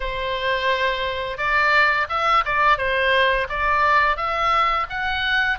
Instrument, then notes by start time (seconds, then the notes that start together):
oboe
0.00 C5
1.37 D5
2.09 E5
2.45 D5
2.77 C5
3.49 D5
4.16 E5
4.89 F#5